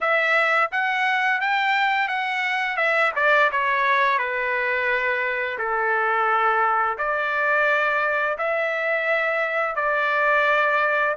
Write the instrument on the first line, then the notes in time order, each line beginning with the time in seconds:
trumpet
0.00 E5
0.71 F#5
1.40 G5
2.07 F#5
2.77 E5
3.15 D5
3.51 C#5
4.18 B4
5.58 A4
6.98 D5
8.38 E5
9.75 D5